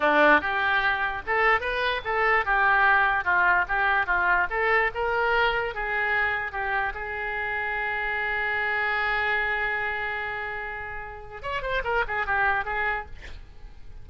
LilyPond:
\new Staff \with { instrumentName = "oboe" } { \time 4/4 \tempo 4 = 147 d'4 g'2 a'4 | b'4 a'4 g'2 | f'4 g'4 f'4 a'4 | ais'2 gis'2 |
g'4 gis'2.~ | gis'1~ | gis'1 | cis''8 c''8 ais'8 gis'8 g'4 gis'4 | }